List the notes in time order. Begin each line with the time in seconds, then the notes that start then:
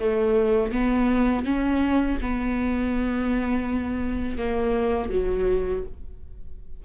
0.00 A3
0.72 B3
1.45 C#4
2.21 B3
4.38 A#3
5.10 F#3